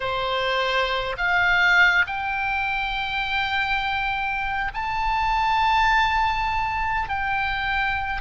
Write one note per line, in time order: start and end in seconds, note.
0.00 1.16 C5
1.17 2.05 F5
2.06 4.71 G5
4.73 7.09 A5
7.09 8.21 G5